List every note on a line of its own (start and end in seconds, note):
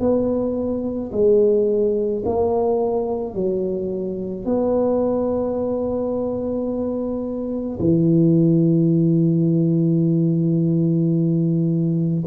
0.00 1.11 B3
1.13 2.24 G#3
2.25 3.35 A#3
3.35 4.45 F#3
4.45 7.79 B3
7.80 12.24 E3